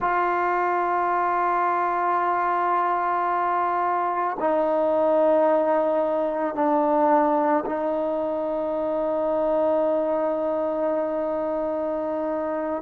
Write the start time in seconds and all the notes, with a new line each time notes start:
0.00 F4
4.39 D#4
6.55 D4
7.65 D#4